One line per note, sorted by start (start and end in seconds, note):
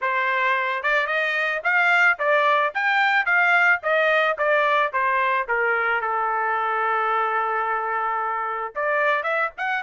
0.01 0.83 C5
0.83 1.06 D5
1.06 1.61 D#5
1.63 2.18 F5
2.18 2.73 D5
2.74 3.25 G5
3.25 3.80 F5
3.82 4.37 D#5
4.38 4.92 D5
4.92 5.47 C5
5.48 6.01 A#4
6.01 8.73 A4
8.75 9.23 D5
9.23 9.50 E5
9.57 9.83 F#5